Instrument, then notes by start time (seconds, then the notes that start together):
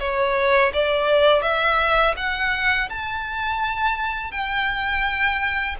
violin
0.00 C#5
0.74 D5
1.42 E5
2.17 F#5
2.89 A5
4.31 G5